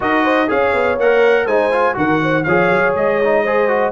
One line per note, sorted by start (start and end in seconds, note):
0.00 0.49 D#4
0.00 0.47 F#4
0.00 0.23 A#4
0.00 0.50 D#5
0.23 0.48 C5
0.47 0.73 C#4
0.47 0.97 G#4
0.47 1.46 C#5
0.47 0.99 F5
0.73 0.97 B3
0.97 1.46 A#3
0.97 1.48 A#4
0.97 1.47 F#5
1.46 1.95 G#3
1.46 1.72 D#4
1.46 1.95 C5
1.46 1.96 G#5
1.72 1.93 F4
1.93 2.45 D#3
1.93 2.43 F#4
1.93 2.22 A#4
1.93 2.43 F#5
2.22 2.45 C5
2.43 2.70 F3
2.43 3.22 G#4
2.43 3.43 C#5
2.43 2.92 F5
2.70 2.94 F#3
2.94 3.92 G#3
2.94 3.92 D#5
3.24 3.46 D#4
3.43 3.67 G#4
3.43 3.92 C5
3.67 3.92 F#4